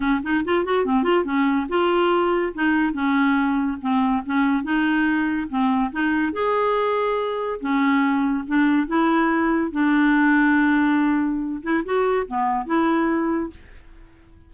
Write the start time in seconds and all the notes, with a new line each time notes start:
0.00 C#4
0.23 D#4
0.45 F4
0.64 F#4
0.85 C4
1.03 F4
1.24 C#4
1.68 F4
2.54 D#4
2.93 C#4
3.81 C4
4.25 C#4
4.63 D#4
5.49 C4
5.92 D#4
6.32 G#4
7.60 C#4
8.47 D4
8.87 E4
9.71 D4
11.62 E4
11.84 F#4
12.27 B3
12.65 E4